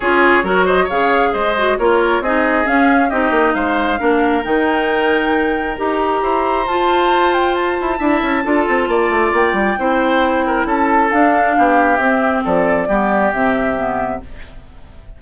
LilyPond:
<<
  \new Staff \with { instrumentName = "flute" } { \time 4/4 \tempo 4 = 135 cis''4. dis''8 f''4 dis''4 | cis''4 dis''4 f''4 dis''4 | f''2 g''2~ | g''4 ais''2 a''4~ |
a''8 g''8 a''2.~ | a''4 g''2. | a''4 f''2 e''4 | d''2 e''2 | }
  \new Staff \with { instrumentName = "oboe" } { \time 4/4 gis'4 ais'8 c''8 cis''4 c''4 | ais'4 gis'2 g'4 | c''4 ais'2.~ | ais'2 c''2~ |
c''2 e''4 a'4 | d''2 c''4. ais'8 | a'2 g'2 | a'4 g'2. | }
  \new Staff \with { instrumentName = "clarinet" } { \time 4/4 f'4 fis'4 gis'4. fis'8 | f'4 dis'4 cis'4 dis'4~ | dis'4 d'4 dis'2~ | dis'4 g'2 f'4~ |
f'2 e'4 f'4~ | f'2 e'2~ | e'4 d'2 c'4~ | c'4 b4 c'4 b4 | }
  \new Staff \with { instrumentName = "bassoon" } { \time 4/4 cis'4 fis4 cis4 gis4 | ais4 c'4 cis'4 c'8 ais8 | gis4 ais4 dis2~ | dis4 dis'4 e'4 f'4~ |
f'4. e'8 d'8 cis'8 d'8 c'8 | ais8 a8 ais8 g8 c'2 | cis'4 d'4 b4 c'4 | f4 g4 c2 | }
>>